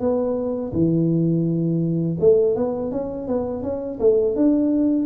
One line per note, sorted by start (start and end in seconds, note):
0.00 0.72 B3
0.72 2.17 E3
2.20 2.56 A3
2.56 2.91 B3
2.91 3.27 C#4
3.28 3.62 B3
3.62 3.99 C#4
3.99 4.35 A3
4.35 5.06 D4